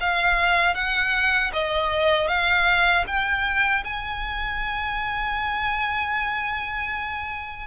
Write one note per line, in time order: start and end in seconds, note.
0.00 0.74 F5
0.74 1.51 F#5
1.52 2.27 D#5
2.27 3.04 F5
3.07 3.84 G5
3.84 7.67 G#5